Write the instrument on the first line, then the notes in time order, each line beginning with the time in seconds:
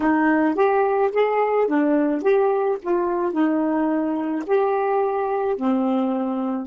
saxophone
0.00 D#4
0.55 G4
1.12 G#4
1.67 D4
2.22 G4
2.81 F4
3.32 D#4
4.46 G4
5.56 C4